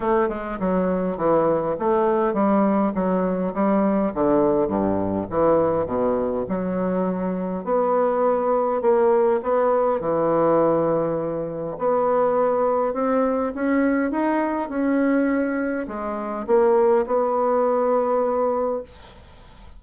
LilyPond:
\new Staff \with { instrumentName = "bassoon" } { \time 4/4 \tempo 4 = 102 a8 gis8 fis4 e4 a4 | g4 fis4 g4 d4 | g,4 e4 b,4 fis4~ | fis4 b2 ais4 |
b4 e2. | b2 c'4 cis'4 | dis'4 cis'2 gis4 | ais4 b2. | }